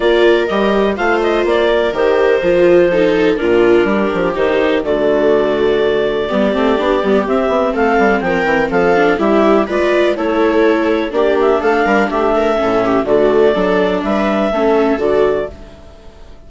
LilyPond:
<<
  \new Staff \with { instrumentName = "clarinet" } { \time 4/4 \tempo 4 = 124 d''4 dis''4 f''8 dis''8 d''4 | c''2. ais'4~ | ais'4 c''4 d''2~ | d''2. e''4 |
f''4 g''4 f''4 e''4 | d''4 cis''2 d''8 e''8 | f''4 e''2 d''4~ | d''4 e''2 d''4 | }
  \new Staff \with { instrumentName = "viola" } { \time 4/4 ais'2 c''4. ais'8~ | ais'2 a'4 f'4 | g'2 fis'2~ | fis'4 g'2. |
a'4 ais'4 a'4 g'4 | b'4 a'2 g'4 | a'8 ais'8 g'8 ais'8 a'8 g'8 fis'4 | a'4 b'4 a'2 | }
  \new Staff \with { instrumentName = "viola" } { \time 4/4 f'4 g'4 f'2 | g'4 f'4 dis'4 d'4~ | d'4 dis'4 a2~ | a4 b8 c'8 d'8 b8 c'4~ |
c'2~ c'8 d'8 e'4 | f'4 e'2 d'4~ | d'2 cis'4 a4 | d'2 cis'4 fis'4 | }
  \new Staff \with { instrumentName = "bassoon" } { \time 4/4 ais4 g4 a4 ais4 | dis4 f2 ais,4 | g8 f8 dis4 d2~ | d4 g8 a8 b8 g8 c'8 b8 |
a8 g8 f8 e8 f4 g4 | gis4 a2 ais4 | a8 g8 a4 a,4 d4 | fis4 g4 a4 d4 | }
>>